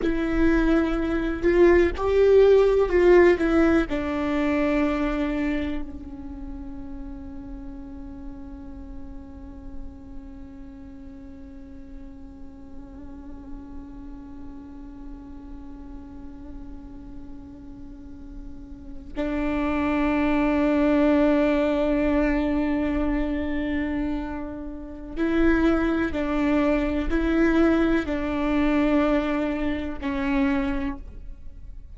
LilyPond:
\new Staff \with { instrumentName = "viola" } { \time 4/4 \tempo 4 = 62 e'4. f'8 g'4 f'8 e'8 | d'2 cis'2~ | cis'1~ | cis'1~ |
cis'2.~ cis'8. d'16~ | d'1~ | d'2 e'4 d'4 | e'4 d'2 cis'4 | }